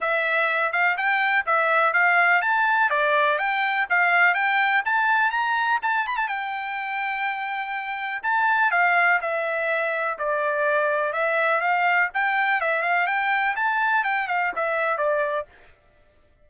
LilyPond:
\new Staff \with { instrumentName = "trumpet" } { \time 4/4 \tempo 4 = 124 e''4. f''8 g''4 e''4 | f''4 a''4 d''4 g''4 | f''4 g''4 a''4 ais''4 | a''8 b''16 a''16 g''2.~ |
g''4 a''4 f''4 e''4~ | e''4 d''2 e''4 | f''4 g''4 e''8 f''8 g''4 | a''4 g''8 f''8 e''4 d''4 | }